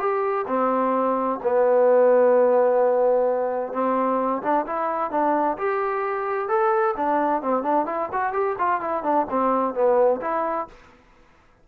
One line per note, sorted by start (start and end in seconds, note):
0.00 0.46 G4
0.48 1.40 C4
1.44 3.73 B3
3.73 4.42 C4
4.43 4.66 D4
4.67 5.11 E4
5.11 5.57 D4
5.58 6.49 G4
6.49 6.95 A4
6.97 7.42 D4
7.42 7.63 C4
7.63 7.87 D4
7.87 8.10 E4
8.13 8.33 F#4
8.33 8.56 G4
8.59 8.81 F4
8.81 9.04 E4
9.04 9.27 D4
9.30 9.75 C4
9.75 10.21 B3
10.22 10.68 E4